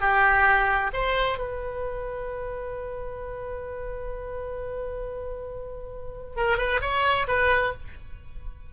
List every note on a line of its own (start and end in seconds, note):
0.00 0.91 G4
0.93 1.38 C5
1.38 6.36 B4
6.36 6.57 A#4
6.57 6.80 B4
6.81 7.26 C#5
7.27 7.73 B4